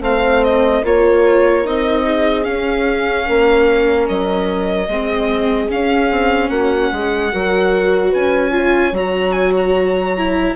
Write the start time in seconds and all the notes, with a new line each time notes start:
0.00 A3 C4 C5 F5
0.43 D#5
0.82 A#3 F4 A#4 C#5
1.64 C4 D#4 D#5
2.05 G#4
2.43 C#4 F5
3.26 A#3 A#4
4.08 F#3 D#5
4.87 G#3 C4 G#4
5.68 C#4 F5
6.10 C4
6.49 A#3 F#4 F#5
6.91 G#3 G#4
7.31 F#3 F#4 A#4
8.09 C#4 B4 G#5
8.50 F4 C#5
8.92 F#3 F#4 A#5
9.31 G#5
9.56 A#5
10.17 E4